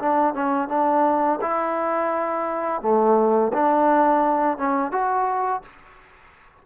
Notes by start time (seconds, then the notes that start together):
0.00 D4
0.35 C#4
0.69 D4
1.42 E4
2.82 A3
3.54 D4
4.58 C#4
4.92 F#4